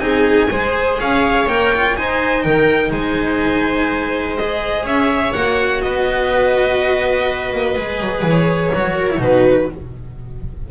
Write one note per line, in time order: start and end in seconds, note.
0.00 0.48 C4
0.00 0.48 D#4
0.00 0.51 G#4
0.00 0.97 G#5
0.51 0.99 G#3
0.51 1.48 G#4
0.51 1.00 C5
1.00 1.47 C#4
1.00 1.97 C#5
1.00 1.49 F5
1.47 1.95 A#3
1.47 1.74 A#4
1.47 1.97 G5
1.74 1.97 F4
1.97 4.39 D#4
1.97 2.45 D#4
1.97 2.45 C5
1.97 2.43 G#5
2.43 2.91 D#3
2.43 2.92 A#4
2.43 2.91 G5
2.91 4.84 G#3
2.91 4.86 C5
2.91 4.37 G#5
4.37 5.35 G#4
4.37 4.86 D#5
4.84 5.33 C#4
4.84 5.82 C#5
4.84 5.33 E5
5.33 5.83 A#3
5.33 7.77 F#4
5.33 5.82 F#5
5.82 7.53 B3
5.82 8.94 B4
5.82 8.24 D#5
7.53 7.77 A#3
7.77 8.01 G#3
7.77 8.73 G#4
8.01 8.22 F#3
8.22 8.71 E3
8.30 9.23 C#5
8.74 9.19 F#3
8.74 9.10 F#4
8.94 9.19 A#4
9.10 9.19 E4
9.19 9.67 B2
9.19 9.67 D#4
9.19 9.71 F#4
9.19 9.71 B4